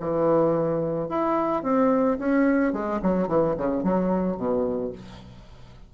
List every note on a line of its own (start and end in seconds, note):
0.00 1.09 E3
1.09 1.63 E4
1.63 2.18 C4
2.19 2.73 C#4
2.73 3.00 G#3
3.02 3.28 F#3
3.28 3.55 E3
3.57 3.83 C#3
3.83 4.37 F#3
4.37 4.92 B2